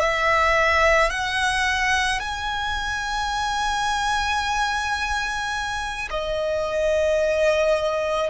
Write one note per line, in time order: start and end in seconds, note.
0.00 1.11 E5
1.11 2.20 F#5
2.20 6.09 G#5
6.11 8.31 D#5